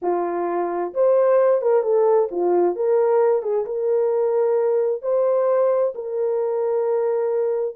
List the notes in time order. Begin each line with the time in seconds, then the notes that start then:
0.02 F4
0.94 C5
1.61 A#4
1.83 A4
2.31 F4
2.75 A#4
3.42 G#4
3.65 A#4
5.02 C5
5.95 A#4